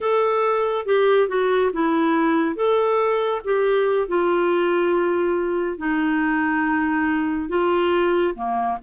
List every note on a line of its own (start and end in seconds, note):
0.00 0.85 A4
0.85 1.28 G4
1.28 1.71 F#4
1.72 2.55 E4
2.55 3.41 A4
3.44 4.08 G4
4.08 5.77 F4
5.77 7.48 D#4
7.48 8.34 F4
8.34 8.77 A#3